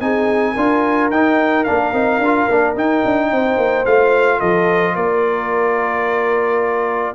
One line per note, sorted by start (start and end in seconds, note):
0.00 0.55 C4
0.00 0.55 D#4
0.00 0.52 G#4
0.00 1.10 G#5
0.52 1.10 D4
0.52 1.12 F4
0.52 3.28 A#4
1.10 1.65 D#4
1.10 1.66 D#4
1.10 1.64 G5
1.64 1.92 A#3
1.64 1.93 D4
1.64 2.74 F5
1.92 2.18 C4
1.92 2.21 D#4
2.18 2.46 D4
2.25 2.50 F4
2.49 2.75 A#3
2.49 2.75 D4
2.75 3.02 D#4
2.75 3.85 D#4
2.75 3.85 G5
3.05 3.31 D4
3.31 3.57 C4
3.31 4.38 C5
3.57 3.85 A#3
3.85 4.40 A3
3.85 7.15 F4
3.85 4.40 F5
4.38 4.95 F3
4.38 4.93 A4
4.38 4.95 D#5
4.95 7.15 A#3
4.95 7.15 A#4
4.95 7.15 D5